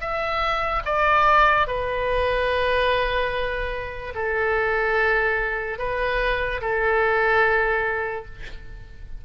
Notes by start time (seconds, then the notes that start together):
0.00 E5
0.85 D5
1.67 B4
4.15 A4
5.78 B4
6.61 A4